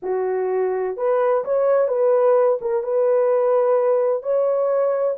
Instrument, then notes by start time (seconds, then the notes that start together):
horn
0.02 F#4
0.96 B4
1.44 C#5
1.87 B4
2.61 A#4
2.83 B4
4.22 C#5